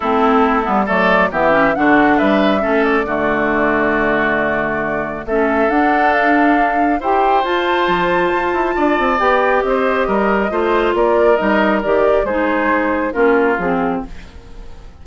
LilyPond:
<<
  \new Staff \with { instrumentName = "flute" } { \time 4/4 \tempo 4 = 137 a'2 d''4 e''4 | fis''4 e''4. d''4.~ | d''1 | e''4 fis''4 f''2 |
g''4 a''2.~ | a''4 g''4 dis''2~ | dis''4 d''4 dis''4 d''4 | c''2 ais'4 gis'4 | }
  \new Staff \with { instrumentName = "oboe" } { \time 4/4 e'2 a'4 g'4 | fis'4 b'4 a'4 fis'4~ | fis'1 | a'1 |
c''1 | d''2 c''4 ais'4 | c''4 ais'2. | gis'2 f'2 | }
  \new Staff \with { instrumentName = "clarinet" } { \time 4/4 c'4. b8 a4 b8 cis'8 | d'2 cis'4 a4~ | a1 | cis'4 d'2. |
g'4 f'2.~ | f'4 g'2. | f'2 dis'4 g'4 | dis'2 cis'4 c'4 | }
  \new Staff \with { instrumentName = "bassoon" } { \time 4/4 a4. g8 fis4 e4 | d4 g4 a4 d4~ | d1 | a4 d'2. |
e'4 f'4 f4 f'8 e'8 | d'8 c'8 b4 c'4 g4 | a4 ais4 g4 dis4 | gis2 ais4 f4 | }
>>